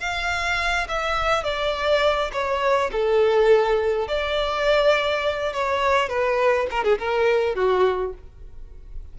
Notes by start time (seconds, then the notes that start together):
0.00 F5
0.88 E5
1.44 D5
2.32 C#5
2.92 A4
4.08 D5
5.53 C#5
6.09 B4
6.71 A#4
6.84 G#4
6.99 A#4
7.55 F#4